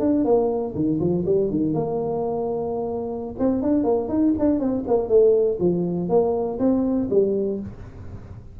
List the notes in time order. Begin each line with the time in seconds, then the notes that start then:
0.00 D4
0.25 A#3
0.75 D#3
1.00 F3
1.26 G3
1.50 D#3
1.74 A#3
3.39 C4
3.62 D4
3.84 A#3
4.09 D#4
4.39 D4
4.59 C4
4.88 A#3
5.09 A3
5.60 F3
6.09 A#3
6.59 C4
7.10 G3